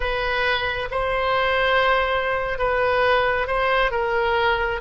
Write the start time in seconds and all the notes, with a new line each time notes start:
0.00 B4
0.91 C5
2.58 B4
3.47 C5
3.91 A#4